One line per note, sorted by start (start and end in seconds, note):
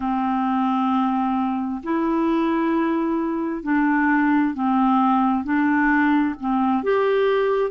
0.00 1.82 C4
1.83 3.62 E4
3.62 4.53 D4
4.53 5.43 C4
5.43 6.34 D4
6.40 6.83 C4
6.83 7.70 G4